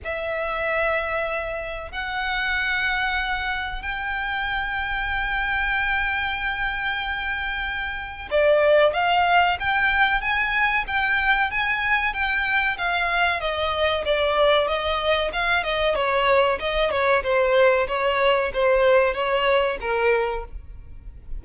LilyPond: \new Staff \with { instrumentName = "violin" } { \time 4/4 \tempo 4 = 94 e''2. fis''4~ | fis''2 g''2~ | g''1~ | g''4 d''4 f''4 g''4 |
gis''4 g''4 gis''4 g''4 | f''4 dis''4 d''4 dis''4 | f''8 dis''8 cis''4 dis''8 cis''8 c''4 | cis''4 c''4 cis''4 ais'4 | }